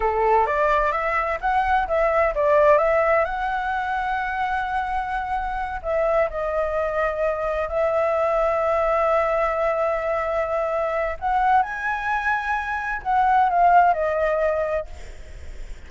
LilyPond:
\new Staff \with { instrumentName = "flute" } { \time 4/4 \tempo 4 = 129 a'4 d''4 e''4 fis''4 | e''4 d''4 e''4 fis''4~ | fis''1~ | fis''8 e''4 dis''2~ dis''8~ |
dis''8 e''2.~ e''8~ | e''1 | fis''4 gis''2. | fis''4 f''4 dis''2 | }